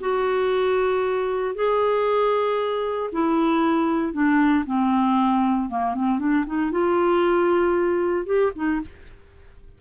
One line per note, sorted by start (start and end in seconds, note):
0.00 1.55 F#4
1.55 3.10 G#4
3.12 4.13 E4
4.13 4.65 D4
4.66 5.69 C4
5.69 5.94 A#3
5.94 6.19 C4
6.19 6.45 D4
6.46 6.71 D#4
6.71 8.25 F4
8.25 8.51 G4
8.55 8.81 D#4